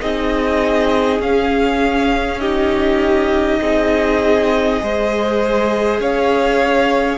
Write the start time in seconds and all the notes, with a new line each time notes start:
0.00 C4 D#4 G#4 D#5
1.20 C#4 F5
2.40 D#4 G4 D#5
3.60 C4 G#4
4.79 G#3 G#4 C5
6.00 C#4 C#5 F5